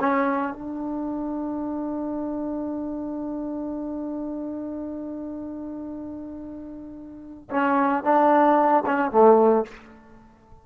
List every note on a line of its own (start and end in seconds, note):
0.00 0.53 C#4
0.53 7.50 D4
7.51 8.04 C#4
8.04 8.84 D4
8.86 9.12 C#4
9.12 9.65 A3